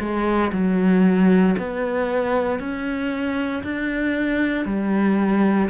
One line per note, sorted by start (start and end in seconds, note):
0.00 0.52 G#3
0.53 1.57 F#3
1.58 2.60 B3
2.60 3.63 C#4
3.64 4.66 D4
4.66 5.69 G3